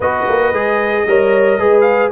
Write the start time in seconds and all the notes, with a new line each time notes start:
0.00 B3 F#4 B4 D#5
0.28 A#3
0.52 G#3 G#4
1.06 G3 A#4 C#5
1.58 G#3 G#4 B4
1.81 F5